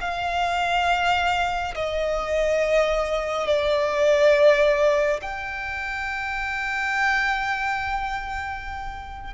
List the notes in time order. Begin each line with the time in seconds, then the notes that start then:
0.00 F5
1.74 D#5
3.46 D5
5.21 G5